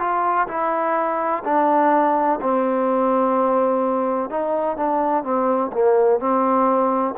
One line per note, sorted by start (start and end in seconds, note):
0.00 0.48 F4
0.48 1.43 E4
1.45 2.40 D4
2.42 4.30 C4
4.30 4.77 D#4
4.77 5.24 D4
5.24 5.71 C4
5.73 6.20 A#3
6.20 7.15 C4